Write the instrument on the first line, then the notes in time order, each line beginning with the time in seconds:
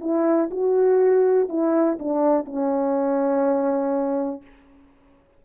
horn
0.00 E4
0.50 F#4
1.48 E4
1.99 D4
2.45 C#4